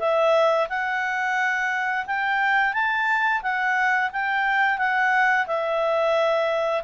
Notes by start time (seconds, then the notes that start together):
0.00 E5
0.69 F#5
2.07 G5
2.74 A5
3.43 F#5
4.13 G5
4.79 F#5
5.47 E5